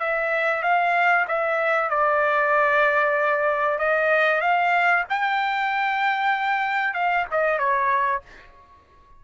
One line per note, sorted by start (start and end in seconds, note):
0.00 0.63 E5
0.63 1.26 F5
1.28 1.90 E5
1.90 3.79 D5
3.79 4.41 D#5
4.41 5.04 F5
5.09 6.94 G5
6.94 7.25 F5
7.31 7.58 D#5
7.58 8.22 C#5